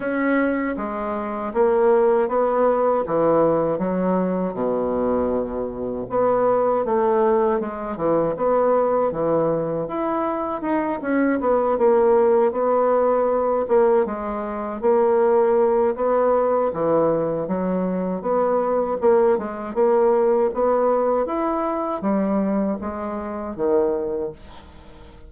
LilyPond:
\new Staff \with { instrumentName = "bassoon" } { \time 4/4 \tempo 4 = 79 cis'4 gis4 ais4 b4 | e4 fis4 b,2 | b4 a4 gis8 e8 b4 | e4 e'4 dis'8 cis'8 b8 ais8~ |
ais8 b4. ais8 gis4 ais8~ | ais4 b4 e4 fis4 | b4 ais8 gis8 ais4 b4 | e'4 g4 gis4 dis4 | }